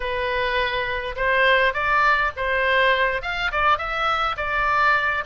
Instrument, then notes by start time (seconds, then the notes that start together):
oboe
0.00 B4
1.15 C5
1.73 D5
2.36 C5
3.22 F5
3.51 D5
3.77 E5
4.36 D5